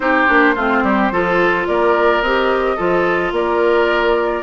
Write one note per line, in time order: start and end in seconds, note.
0.00 0.25 C4
0.00 0.27 D#4
0.00 0.55 G4
0.00 1.66 C5
0.27 0.56 A#3
0.27 0.55 D4
0.55 0.83 A3
0.55 1.12 C4
0.55 0.83 F4
0.83 1.10 G3
0.83 1.12 G4
1.11 1.66 F3
1.11 2.23 F4
1.11 1.67 A4
1.66 2.21 A#3
1.66 2.76 A#4
1.66 2.22 D5
2.21 2.77 C4
2.21 2.77 G4
2.21 3.33 D#5
2.76 3.32 F3
2.76 4.42 F4
2.76 3.32 A4
3.32 4.42 A#3
3.32 4.42 A#4
3.32 4.42 D5